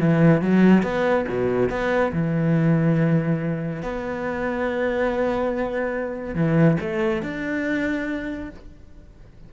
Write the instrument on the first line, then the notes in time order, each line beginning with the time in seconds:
cello
0.00 E3
0.42 F#3
0.83 B3
1.29 B2
1.70 B3
2.13 E3
3.83 B3
6.35 E3
6.81 A3
7.23 D4